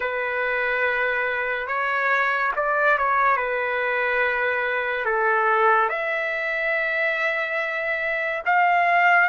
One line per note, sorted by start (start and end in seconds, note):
0.00 1.67 B4
1.67 2.51 C#5
2.55 2.98 D5
2.98 3.36 C#5
3.36 5.05 B4
5.05 5.89 A4
5.89 8.42 E5
8.45 9.29 F5